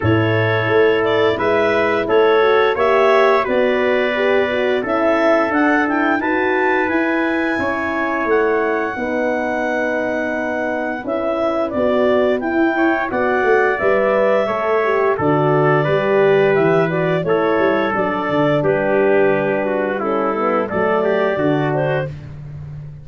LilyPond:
<<
  \new Staff \with { instrumentName = "clarinet" } { \time 4/4 \tempo 4 = 87 cis''4. d''8 e''4 cis''4 | e''4 d''2 e''4 | fis''8 g''8 a''4 gis''2 | fis''1 |
e''4 d''4 g''4 fis''4 | e''2 d''2 | e''8 d''8 cis''4 d''4 b'4~ | b'4 a'4 d''4. c''8 | }
  \new Staff \with { instrumentName = "trumpet" } { \time 4/4 a'2 b'4 a'4 | cis''4 b'2 a'4~ | a'4 b'2 cis''4~ | cis''4 b'2.~ |
b'2~ b'8 cis''8 d''4~ | d''4 cis''4 a'4 b'4~ | b'4 a'2 g'4~ | g'8 fis'8 e'4 a'8 g'8 fis'4 | }
  \new Staff \with { instrumentName = "horn" } { \time 4/4 e'2.~ e'8 fis'8 | g'4 fis'4 g'8 fis'8 e'4 | d'8 e'8 fis'4 e'2~ | e'4 dis'2. |
e'4 fis'4 e'4 fis'4 | b'4 a'8 g'8 fis'4 g'4~ | g'8 fis'8 e'4 d'2~ | d'4 cis'8 b8 a4 d'4 | }
  \new Staff \with { instrumentName = "tuba" } { \time 4/4 a,4 a4 gis4 a4 | ais4 b2 cis'4 | d'4 dis'4 e'4 cis'4 | a4 b2. |
cis'4 b4 e'4 b8 a8 | g4 a4 d4 g4 | e4 a8 g8 fis8 d8 g4~ | g2 fis4 d4 | }
>>